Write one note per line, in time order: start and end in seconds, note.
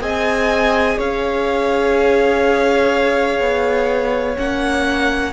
0.00 0.98 C4
0.00 4.35 G#4
0.00 0.98 D#5
0.00 0.99 G#5
0.98 3.40 C#4
0.98 5.33 C#5
0.98 4.38 F5
3.40 4.37 B3
4.36 5.33 A#3
4.36 5.33 C#4
4.36 5.33 F#5